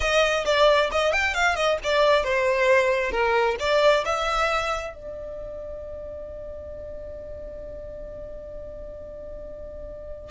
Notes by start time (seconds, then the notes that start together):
0.00 D#5
0.45 D5
0.91 D#5
1.13 G5
1.34 F5
1.55 D#5
1.83 D5
2.23 C5
3.11 A#4
3.59 D5
4.05 E5
4.94 D5